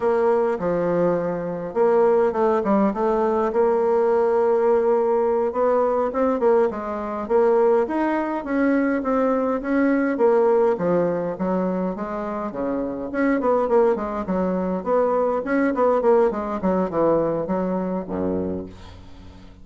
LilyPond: \new Staff \with { instrumentName = "bassoon" } { \time 4/4 \tempo 4 = 103 ais4 f2 ais4 | a8 g8 a4 ais2~ | ais4. b4 c'8 ais8 gis8~ | gis8 ais4 dis'4 cis'4 c'8~ |
c'8 cis'4 ais4 f4 fis8~ | fis8 gis4 cis4 cis'8 b8 ais8 | gis8 fis4 b4 cis'8 b8 ais8 | gis8 fis8 e4 fis4 fis,4 | }